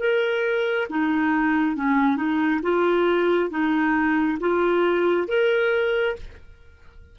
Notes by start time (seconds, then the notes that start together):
0.00 A#4
0.90 D#4
1.76 C#4
2.17 D#4
2.63 F4
3.51 D#4
4.41 F4
5.28 A#4